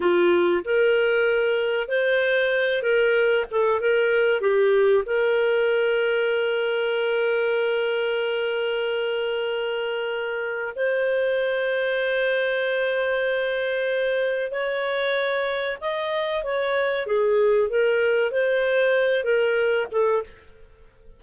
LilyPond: \new Staff \with { instrumentName = "clarinet" } { \time 4/4 \tempo 4 = 95 f'4 ais'2 c''4~ | c''8 ais'4 a'8 ais'4 g'4 | ais'1~ | ais'1~ |
ais'4 c''2.~ | c''2. cis''4~ | cis''4 dis''4 cis''4 gis'4 | ais'4 c''4. ais'4 a'8 | }